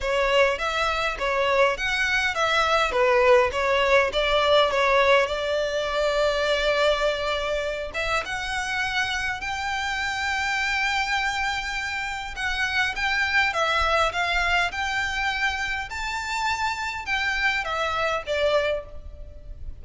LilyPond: \new Staff \with { instrumentName = "violin" } { \time 4/4 \tempo 4 = 102 cis''4 e''4 cis''4 fis''4 | e''4 b'4 cis''4 d''4 | cis''4 d''2.~ | d''4. e''8 fis''2 |
g''1~ | g''4 fis''4 g''4 e''4 | f''4 g''2 a''4~ | a''4 g''4 e''4 d''4 | }